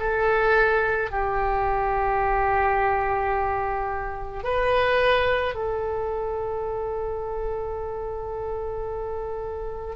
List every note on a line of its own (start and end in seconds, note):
0.00 1.11 A4
1.11 4.44 G4
4.44 5.55 B4
5.55 9.96 A4